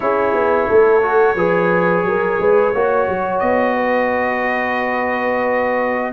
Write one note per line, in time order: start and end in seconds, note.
0.00 0.34 C#4
0.00 1.01 E4
0.00 0.68 G#4
0.00 3.39 C#5
0.34 0.68 B3
0.68 1.35 A3
0.68 1.36 A4
1.01 1.36 F#4
1.35 2.03 F3
1.35 2.73 G#4
1.35 2.04 B4
2.03 2.37 F#3
2.03 2.40 A#4
2.39 2.73 G#3
2.39 2.73 B4
2.73 3.07 A#3
2.73 6.12 F#4
2.73 3.75 C#5
3.07 3.41 F#3
3.39 6.12 B3
3.39 6.12 D#5
3.76 6.12 B4